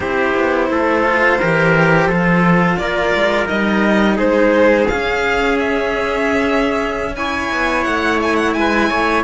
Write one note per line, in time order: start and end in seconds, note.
0.00 0.33 C4
0.00 1.04 E4
0.00 0.70 G4
0.00 2.77 C5
0.36 0.70 B3
0.70 1.39 A3
0.70 1.39 A4
1.04 1.39 F4
1.39 2.06 E3
1.39 2.11 G4
1.39 2.07 A#4
2.06 2.76 F3
2.06 3.46 F4
2.06 2.77 A4
2.77 3.14 A#3
2.77 4.16 A#4
2.77 3.47 D5
3.14 3.49 G#3
3.46 4.19 G3
3.46 4.85 D#4
3.46 4.17 D#5
4.16 4.87 G#3
4.16 7.13 G#4
4.16 4.87 C5
4.87 7.49 C#4
4.87 7.16 C#4
4.87 5.57 F5
5.59 7.15 E5
7.15 9.24 E4
7.15 8.57 C#5
7.15 7.84 G#5
7.51 7.86 B3
7.84 8.55 A3
7.84 8.19 F#5
8.22 8.36 G#5
8.36 8.53 F#5
8.53 8.90 G#3
8.53 9.23 G#5
8.59 8.89 B4
8.89 9.24 A3
8.89 9.23 C#5